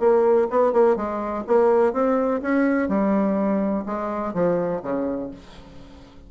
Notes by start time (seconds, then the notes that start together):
0.00 A#3
0.50 B3
0.73 A#3
0.96 G#3
1.47 A#3
1.93 C4
2.42 C#4
2.88 G3
3.86 G#3
4.34 F3
4.82 C#3